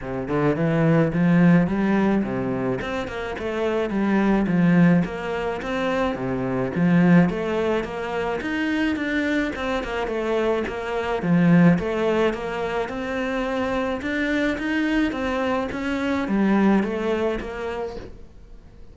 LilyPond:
\new Staff \with { instrumentName = "cello" } { \time 4/4 \tempo 4 = 107 c8 d8 e4 f4 g4 | c4 c'8 ais8 a4 g4 | f4 ais4 c'4 c4 | f4 a4 ais4 dis'4 |
d'4 c'8 ais8 a4 ais4 | f4 a4 ais4 c'4~ | c'4 d'4 dis'4 c'4 | cis'4 g4 a4 ais4 | }